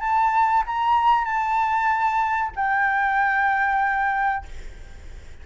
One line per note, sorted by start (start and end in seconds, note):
0.00 0.63 A5
0.66 1.25 A#5
1.25 2.51 A5
2.56 4.45 G5